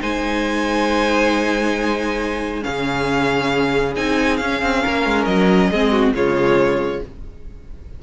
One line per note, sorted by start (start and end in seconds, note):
0.00 2.64 G#3
0.00 2.61 D#4
0.00 2.64 C5
0.00 2.63 G#5
2.61 3.96 C#3
2.61 3.93 C#4
2.61 4.82 G#4
2.61 3.94 F5
3.96 4.40 C4
3.96 4.40 D#4
3.96 4.36 G#5
4.36 4.61 C#4
4.36 5.73 C#4
4.36 5.24 F5
4.61 4.83 C4
4.82 5.05 A#3
4.82 5.70 A#4
5.05 5.26 G#3
5.24 5.70 F#3
5.24 6.12 D#5
5.71 6.12 G#3
5.71 6.14 C4
5.71 5.91 G#4
5.91 6.13 F#4
6.12 7.00 C#3
6.12 7.02 G#3
6.12 7.02 F4
6.12 7.02 C#5